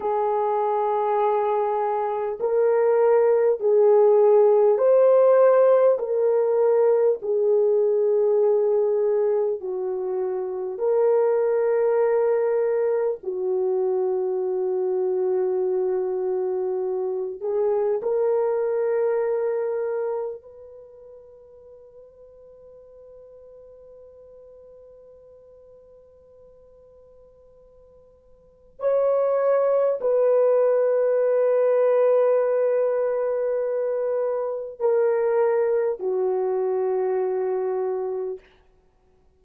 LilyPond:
\new Staff \with { instrumentName = "horn" } { \time 4/4 \tempo 4 = 50 gis'2 ais'4 gis'4 | c''4 ais'4 gis'2 | fis'4 ais'2 fis'4~ | fis'2~ fis'8 gis'8 ais'4~ |
ais'4 b'2.~ | b'1 | cis''4 b'2.~ | b'4 ais'4 fis'2 | }